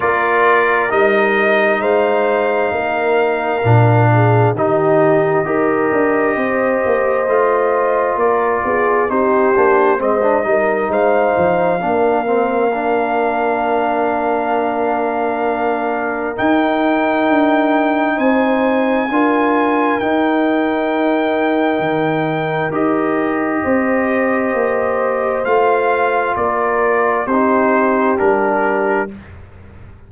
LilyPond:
<<
  \new Staff \with { instrumentName = "trumpet" } { \time 4/4 \tempo 4 = 66 d''4 dis''4 f''2~ | f''4 dis''2.~ | dis''4 d''4 c''4 dis''4 | f''1~ |
f''2 g''2 | gis''2 g''2~ | g''4 dis''2. | f''4 d''4 c''4 ais'4 | }
  \new Staff \with { instrumentName = "horn" } { \time 4/4 ais'2 c''4 ais'4~ | ais'8 gis'8 g'4 ais'4 c''4~ | c''4 ais'8 gis'8 g'4 c''8 ais'8 | c''4 ais'2.~ |
ais'1 | c''4 ais'2.~ | ais'2 c''2~ | c''4 ais'4 g'2 | }
  \new Staff \with { instrumentName = "trombone" } { \time 4/4 f'4 dis'2. | d'4 dis'4 g'2 | f'2 dis'8 d'8 c'16 d'16 dis'8~ | dis'4 d'8 c'8 d'2~ |
d'2 dis'2~ | dis'4 f'4 dis'2~ | dis'4 g'2. | f'2 dis'4 d'4 | }
  \new Staff \with { instrumentName = "tuba" } { \time 4/4 ais4 g4 gis4 ais4 | ais,4 dis4 dis'8 d'8 c'8 ais8 | a4 ais8 b8 c'8 ais8 gis8 g8 | gis8 f8 ais2.~ |
ais2 dis'4 d'4 | c'4 d'4 dis'2 | dis4 dis'4 c'4 ais4 | a4 ais4 c'4 g4 | }
>>